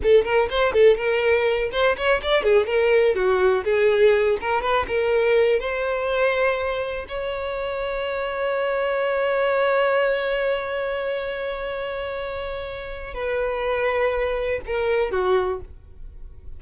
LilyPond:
\new Staff \with { instrumentName = "violin" } { \time 4/4 \tempo 4 = 123 a'8 ais'8 c''8 a'8 ais'4. c''8 | cis''8 d''8 gis'8 ais'4 fis'4 gis'8~ | gis'4 ais'8 b'8 ais'4. c''8~ | c''2~ c''8 cis''4.~ |
cis''1~ | cis''1~ | cis''2. b'4~ | b'2 ais'4 fis'4 | }